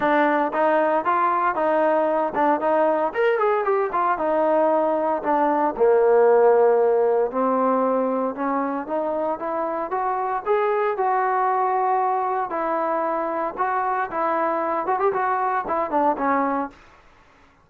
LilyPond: \new Staff \with { instrumentName = "trombone" } { \time 4/4 \tempo 4 = 115 d'4 dis'4 f'4 dis'4~ | dis'8 d'8 dis'4 ais'8 gis'8 g'8 f'8 | dis'2 d'4 ais4~ | ais2 c'2 |
cis'4 dis'4 e'4 fis'4 | gis'4 fis'2. | e'2 fis'4 e'4~ | e'8 fis'16 g'16 fis'4 e'8 d'8 cis'4 | }